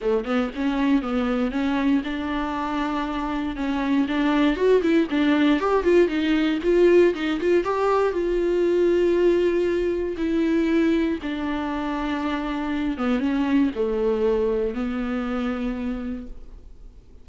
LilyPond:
\new Staff \with { instrumentName = "viola" } { \time 4/4 \tempo 4 = 118 a8 b8 cis'4 b4 cis'4 | d'2. cis'4 | d'4 fis'8 e'8 d'4 g'8 f'8 | dis'4 f'4 dis'8 f'8 g'4 |
f'1 | e'2 d'2~ | d'4. b8 cis'4 a4~ | a4 b2. | }